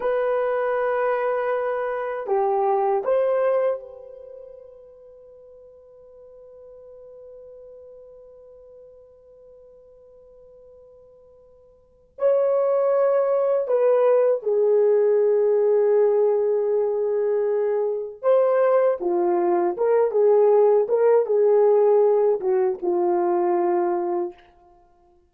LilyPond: \new Staff \with { instrumentName = "horn" } { \time 4/4 \tempo 4 = 79 b'2. g'4 | c''4 b'2.~ | b'1~ | b'1 |
cis''2 b'4 gis'4~ | gis'1 | c''4 f'4 ais'8 gis'4 ais'8 | gis'4. fis'8 f'2 | }